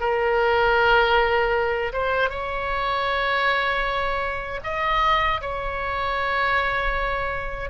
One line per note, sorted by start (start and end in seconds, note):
0.00 1.92 A#4
1.93 2.30 C5
2.30 4.60 C#5
4.64 5.41 D#5
5.41 7.70 C#5